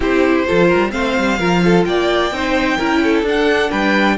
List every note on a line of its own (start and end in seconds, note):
0.00 0.45 C4
0.00 0.46 E4
0.00 0.45 G4
0.00 0.91 C5
0.46 0.74 F3
0.46 0.90 F4
0.46 0.67 A4
0.67 0.90 A#4
0.75 0.93 G3
0.90 1.16 A3
0.90 1.36 C4
0.90 1.38 C5
0.90 1.84 F5
1.17 1.39 G3
1.38 1.85 F3
1.38 2.32 F4
1.38 1.62 A#4
1.64 1.87 A4
1.85 2.31 A#3
1.85 2.34 D5
1.85 3.24 G5
2.31 2.77 C4
2.31 2.78 D#4
2.31 2.77 C5
2.77 3.22 C#4
2.77 3.25 E4
2.77 3.00 A#4
3.03 3.69 A4
3.22 3.69 D4
3.22 4.17 D4
3.22 3.70 F#5
3.69 4.17 G3
3.69 4.16 B4
3.69 4.17 G5